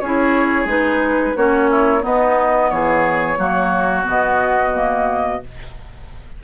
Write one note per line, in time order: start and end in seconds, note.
0.00 0.65 C#4
0.00 0.67 E4
0.00 1.37 G#4
0.00 0.67 C#5
0.65 1.33 G#3
0.65 1.34 D#4
0.65 1.37 B4
1.37 2.04 A#3
1.37 2.01 C#4
1.37 1.70 F#4
1.37 2.04 C#5
1.70 2.03 E4
2.01 3.36 B3
2.01 2.71 B3
2.01 2.70 D#4
2.01 2.70 D#5
2.70 3.38 E3
2.70 3.39 G#4
2.70 4.05 C#5
3.38 4.05 F#3
3.38 4.03 A#3
3.38 5.41 F#4
4.03 5.42 B2
4.03 4.71 B3
4.03 5.44 D#5
4.74 5.41 A#3